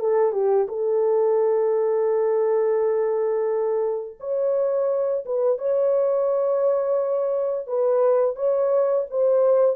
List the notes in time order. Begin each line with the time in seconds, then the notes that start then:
0.00 A4
0.33 G4
0.69 A4
4.20 C#5
5.26 B4
5.59 C#5
7.67 B4
8.37 C#5
9.11 C5